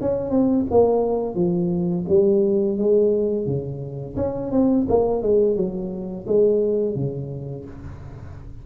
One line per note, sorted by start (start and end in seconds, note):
0.00 0.30 C#4
0.30 0.65 C4
0.70 1.35 A#3
1.35 2.05 F3
2.08 2.77 G3
2.77 3.46 G#3
3.46 4.15 C#3
4.16 4.51 C#4
4.51 4.86 C4
4.88 5.22 A#3
5.22 5.56 G#3
5.56 6.25 F#3
6.26 6.95 G#3
6.95 7.65 C#3